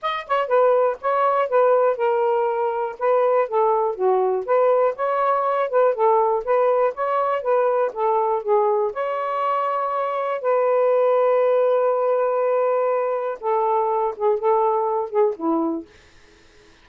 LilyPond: \new Staff \with { instrumentName = "saxophone" } { \time 4/4 \tempo 4 = 121 dis''8 cis''8 b'4 cis''4 b'4 | ais'2 b'4 a'4 | fis'4 b'4 cis''4. b'8 | a'4 b'4 cis''4 b'4 |
a'4 gis'4 cis''2~ | cis''4 b'2.~ | b'2. a'4~ | a'8 gis'8 a'4. gis'8 e'4 | }